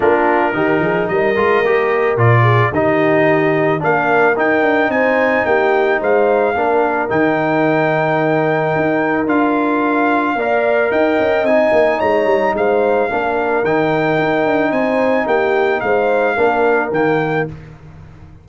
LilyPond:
<<
  \new Staff \with { instrumentName = "trumpet" } { \time 4/4 \tempo 4 = 110 ais'2 dis''2 | d''4 dis''2 f''4 | g''4 gis''4 g''4 f''4~ | f''4 g''2.~ |
g''4 f''2. | g''4 gis''4 ais''4 f''4~ | f''4 g''2 gis''4 | g''4 f''2 g''4 | }
  \new Staff \with { instrumentName = "horn" } { \time 4/4 f'4 g'8 gis'8 ais'2~ | ais'8 gis'8 g'2 ais'4~ | ais'4 c''4 g'4 c''4 | ais'1~ |
ais'2. d''4 | dis''2 cis''4 c''4 | ais'2. c''4 | g'4 c''4 ais'2 | }
  \new Staff \with { instrumentName = "trombone" } { \time 4/4 d'4 dis'4. f'8 g'4 | f'4 dis'2 d'4 | dis'1 | d'4 dis'2.~ |
dis'4 f'2 ais'4~ | ais'4 dis'2. | d'4 dis'2.~ | dis'2 d'4 ais4 | }
  \new Staff \with { instrumentName = "tuba" } { \time 4/4 ais4 dis8 f8 g8 gis8 ais4 | ais,4 dis2 ais4 | dis'8 d'8 c'4 ais4 gis4 | ais4 dis2. |
dis'4 d'2 ais4 | dis'8 cis'8 c'8 ais8 gis8 g8 gis4 | ais4 dis4 dis'8 d'8 c'4 | ais4 gis4 ais4 dis4 | }
>>